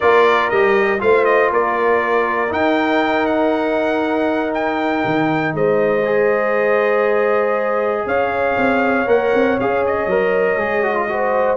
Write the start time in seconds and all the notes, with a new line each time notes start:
0.00 A#3 F4 A#4 D5
0.50 G3 G4 D#5
0.99 A3 F4 C5 F5
1.24 D#5
1.51 A#3 A#4 D5
2.48 D#4 G5
3.26 F#5
4.54 G5
5.05 D#3
5.53 G#3 C5 D#5
6.04 G#4
8.06 C#4 C#5 F5
8.56 C4
9.06 A#3 A#4 F#5
9.34 C4
9.60 C#4 G#4 F5
9.86 D#5
10.06 F#3 A#4
10.57 G#3 G#4
10.83 F#4
10.95 F4
11.08 F#4 C5